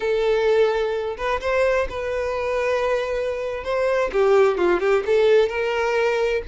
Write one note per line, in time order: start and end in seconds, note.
0.00 1.16 A4
1.17 1.40 B4
1.40 1.87 C5
1.89 3.64 B4
3.64 4.11 C5
4.12 4.57 G4
4.57 4.80 F4
4.80 5.03 G4
5.06 5.48 A4
5.48 6.42 A#4